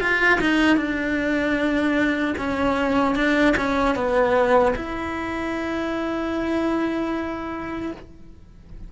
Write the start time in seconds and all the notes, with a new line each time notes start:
0.00 F4
0.41 D#4
0.76 D4
2.38 C#4
3.15 D4
3.57 C#4
3.95 B3
4.76 E4